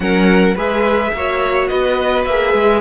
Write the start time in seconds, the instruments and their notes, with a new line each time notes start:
0.00 cello F#3, viola C#4, violin A#4 F#5
0.54 cello G#3, viola G#4, violin B4 E5
1.13 cello A#3, viola F#4, violin C#5
1.68 cello B3, violin B4 D#5
2.25 cello A#3, viola G#4, violin E5
2.53 cello G#3